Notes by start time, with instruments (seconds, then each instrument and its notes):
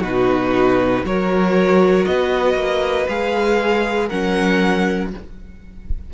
0.00 cello B2, viola D#4, violin F#4 B4
1.04 cello F#3, viola F#4, violin A#4 C#5
2.05 cello B3, violin B4 D#5
2.54 cello A#3
3.08 cello G#3, viola G#4, violin F5
4.07 cello F#3, viola C#4, violin A#4 F#5